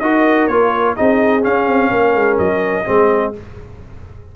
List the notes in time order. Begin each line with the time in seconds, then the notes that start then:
0.00 D#4 F#4 A#4 D#5
0.47 A#3 F4 C#5
0.96 C4 D#4 G#4 D#5
1.42 C#4 F5
1.67 C4
1.91 A#3 A#4
2.15 G#3
2.38 F#3 D#5
2.86 G#3 C4 G#4